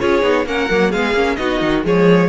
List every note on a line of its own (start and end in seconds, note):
0.00 0.23 C#4
0.00 0.22 F4
0.00 0.47 G#4
0.00 0.47 C#5
0.22 0.46 B3
0.22 0.45 D#4
0.46 0.69 A#3
0.46 0.70 C#4
0.46 0.91 A#4
0.46 0.92 F#5
0.70 0.94 F#3
0.70 0.93 A#3
0.91 1.14 G#3
0.91 1.15 B3
0.91 1.37 G#4
0.91 1.36 F5
1.14 1.37 A#3
1.14 1.38 C#4
1.36 1.62 B3
1.36 1.83 D#4
1.36 1.85 F#4
1.36 1.83 D#5
1.62 1.85 D#3
1.83 2.30 F3
1.83 2.29 G#3
1.83 2.30 G#4
1.83 2.30 C#5